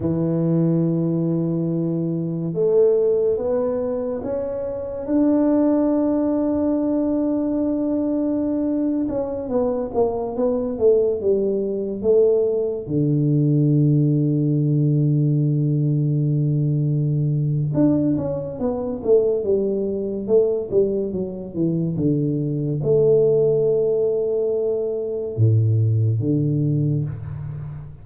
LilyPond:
\new Staff \with { instrumentName = "tuba" } { \time 4/4 \tempo 4 = 71 e2. a4 | b4 cis'4 d'2~ | d'2~ d'8. cis'8 b8 ais16~ | ais16 b8 a8 g4 a4 d8.~ |
d1~ | d4 d'8 cis'8 b8 a8 g4 | a8 g8 fis8 e8 d4 a4~ | a2 a,4 d4 | }